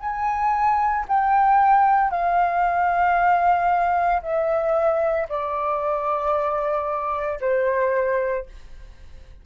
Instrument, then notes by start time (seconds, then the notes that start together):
flute
0.00 G#5
1.08 G5
2.11 F5
4.22 E5
5.29 D5
7.40 C5